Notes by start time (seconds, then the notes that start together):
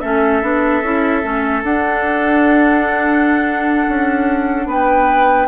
0.00 A3 C#4 A4 E5
0.42 B3 D4
0.82 C#4 E4
1.23 A3 C#4
1.63 D4 F#5
3.88 C#4
4.66 B3 B4 G5